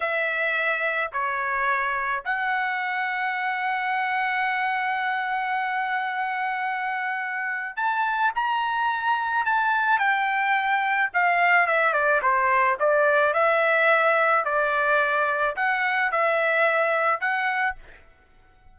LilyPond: \new Staff \with { instrumentName = "trumpet" } { \time 4/4 \tempo 4 = 108 e''2 cis''2 | fis''1~ | fis''1~ | fis''2 a''4 ais''4~ |
ais''4 a''4 g''2 | f''4 e''8 d''8 c''4 d''4 | e''2 d''2 | fis''4 e''2 fis''4 | }